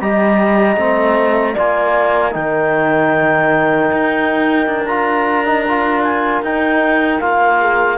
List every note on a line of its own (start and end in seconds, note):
0.00 0.76 G3
0.00 0.77 G4
0.00 1.54 D#5
0.00 1.56 A#5
0.76 1.54 A3
0.76 1.55 C4
1.54 2.35 A#3
1.54 2.31 F4
1.54 2.31 D5
1.54 2.34 G#5
2.31 3.91 D#3
2.31 4.84 D#4
2.31 7.60 A#4
2.31 4.86 G5
3.92 4.66 D#4
4.66 6.42 D4
4.86 5.45 F4
4.86 6.02 A#5
5.45 5.65 D#4
5.68 6.44 F4
6.03 6.42 G#5
6.42 7.20 D#4
6.42 7.21 D#4
6.42 7.20 G5
7.20 7.98 A#3
7.20 7.98 F4
7.20 7.98 F5
7.60 7.98 G#4